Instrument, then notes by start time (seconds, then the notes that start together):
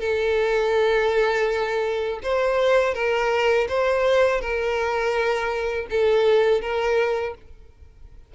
violin
0.00 A4
2.23 C5
2.94 A#4
3.69 C5
4.41 A#4
5.90 A4
6.61 A#4